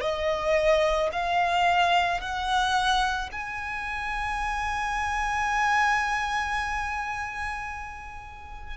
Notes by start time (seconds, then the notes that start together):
0.00 D#5
1.12 F5
2.20 F#5
3.31 G#5